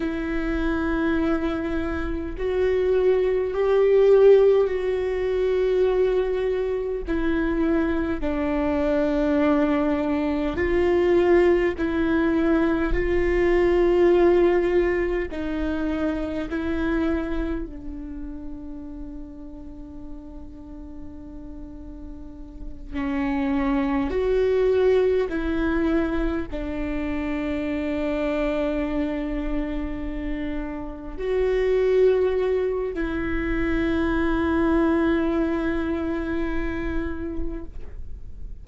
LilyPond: \new Staff \with { instrumentName = "viola" } { \time 4/4 \tempo 4 = 51 e'2 fis'4 g'4 | fis'2 e'4 d'4~ | d'4 f'4 e'4 f'4~ | f'4 dis'4 e'4 d'4~ |
d'2.~ d'8 cis'8~ | cis'8 fis'4 e'4 d'4.~ | d'2~ d'8 fis'4. | e'1 | }